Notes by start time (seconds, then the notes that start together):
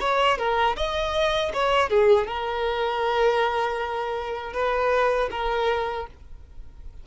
0.00 C#5
0.38 A#4
0.76 D#5
1.54 C#5
1.90 G#4
2.28 A#4
4.53 B4
5.31 A#4